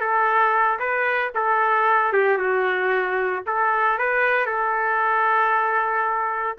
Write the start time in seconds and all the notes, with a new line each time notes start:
0.00 A4
0.79 B4
1.35 A4
2.13 G4
2.38 F#4
3.46 A4
3.98 B4
4.46 A4